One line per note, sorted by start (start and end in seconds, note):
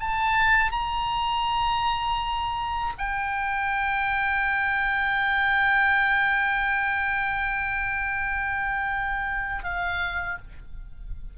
0.00 0.72 A5
0.72 2.94 A#5
2.98 9.64 G5
9.64 10.38 F5